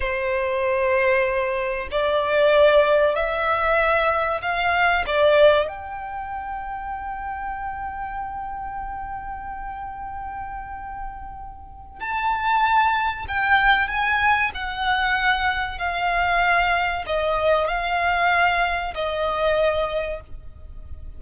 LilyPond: \new Staff \with { instrumentName = "violin" } { \time 4/4 \tempo 4 = 95 c''2. d''4~ | d''4 e''2 f''4 | d''4 g''2.~ | g''1~ |
g''2. a''4~ | a''4 g''4 gis''4 fis''4~ | fis''4 f''2 dis''4 | f''2 dis''2 | }